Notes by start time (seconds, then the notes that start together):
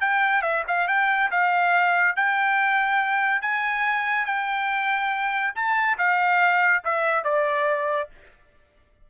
0.00 G5
0.42 E5
0.67 F5
0.87 G5
1.31 F5
2.16 G5
3.41 G#5
4.25 G5
5.55 A5
5.98 F5
6.84 E5
7.24 D5